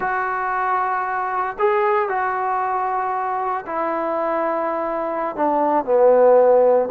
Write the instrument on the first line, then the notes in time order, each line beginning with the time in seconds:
trombone
0.00 F#4
1.59 G#4
2.08 F#4
3.66 E4
5.35 D4
5.84 B3